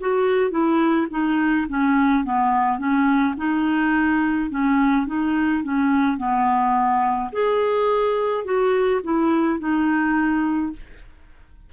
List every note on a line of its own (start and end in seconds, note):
0.00 0.50 F#4
0.50 1.07 E4
1.10 1.66 D#4
1.69 2.24 C#4
2.24 2.78 B3
2.78 3.34 C#4
3.37 4.50 D#4
4.50 5.06 C#4
5.06 5.63 D#4
5.63 6.17 C#4
6.17 7.31 B3
7.32 8.44 G#4
8.44 9.01 F#4
9.03 9.59 E4
9.59 10.72 D#4